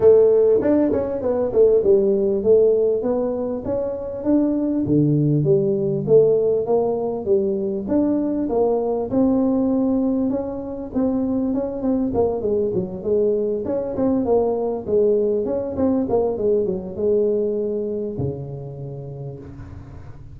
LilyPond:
\new Staff \with { instrumentName = "tuba" } { \time 4/4 \tempo 4 = 99 a4 d'8 cis'8 b8 a8 g4 | a4 b4 cis'4 d'4 | d4 g4 a4 ais4 | g4 d'4 ais4 c'4~ |
c'4 cis'4 c'4 cis'8 c'8 | ais8 gis8 fis8 gis4 cis'8 c'8 ais8~ | ais8 gis4 cis'8 c'8 ais8 gis8 fis8 | gis2 cis2 | }